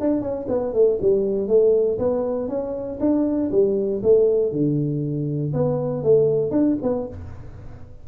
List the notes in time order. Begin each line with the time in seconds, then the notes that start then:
0.00 D4
0.21 C#4
0.48 B3
0.74 A3
1.02 G3
1.48 A3
1.98 B3
2.49 C#4
3.00 D4
3.52 G3
4.03 A3
4.52 D3
5.53 B3
6.03 A3
6.51 D4
6.83 B3